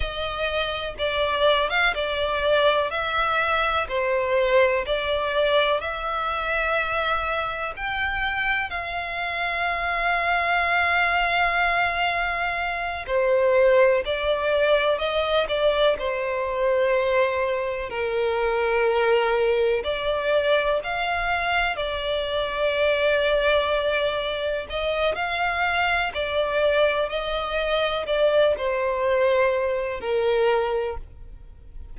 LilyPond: \new Staff \with { instrumentName = "violin" } { \time 4/4 \tempo 4 = 62 dis''4 d''8. f''16 d''4 e''4 | c''4 d''4 e''2 | g''4 f''2.~ | f''4. c''4 d''4 dis''8 |
d''8 c''2 ais'4.~ | ais'8 d''4 f''4 d''4.~ | d''4. dis''8 f''4 d''4 | dis''4 d''8 c''4. ais'4 | }